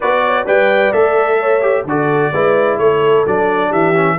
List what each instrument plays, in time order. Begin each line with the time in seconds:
0.00 tuba B3, trombone F#4, horn B4, trumpet D5
0.26 horn C#5
0.46 tuba G3, trombone B4, horn D5, trumpet G5
0.92 tuba A3, trombone A4, trumpet E5
1.39 horn C#5
1.61 trombone G4
1.84 tuba D3, trombone F#4, horn A4, trumpet D5
2.32 tuba G#3, trombone E4, horn B4
2.77 tuba A3, horn A4, trumpet C#5
3.26 tuba F#3, trombone D4, trumpet D5
3.69 tuba E3, horn G4, trumpet E5
3.93 trombone C#4